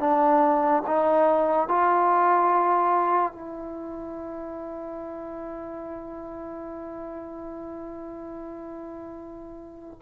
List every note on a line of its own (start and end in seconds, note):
0.00 0.83 D4
0.87 1.69 D#4
1.69 3.33 F4
3.33 9.99 E4